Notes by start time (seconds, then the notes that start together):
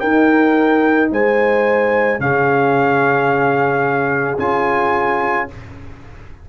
0.00 D#4 A#4 G5
1.12 G#3 C5 G#5
2.20 C#3 C#4 G#4 F5
4.38 C#4 F4 G#5